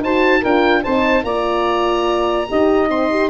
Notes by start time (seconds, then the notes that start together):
0.00 D#4 F#4 C5 A5
0.40 D4 F4 A#4 G5
0.83 C4 D#4 C5 A5
1.23 A#3 F4 D5 A#5
2.48 D#4 G4 D#5
2.89 C4 C6
3.11 G4